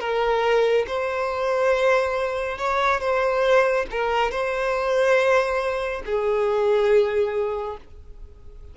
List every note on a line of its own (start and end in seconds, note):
0.00 0.86 A#4
0.87 2.58 C5
2.58 3.00 C#5
3.00 3.86 C5
3.91 4.31 A#4
4.31 6.03 C5
6.06 7.77 G#4